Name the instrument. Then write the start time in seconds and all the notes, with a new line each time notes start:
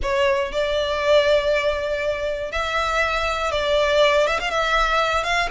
violin
0.02 C#5
0.52 D5
2.51 E5
3.51 D5
4.26 E5
4.39 F5
4.50 E5
5.23 F5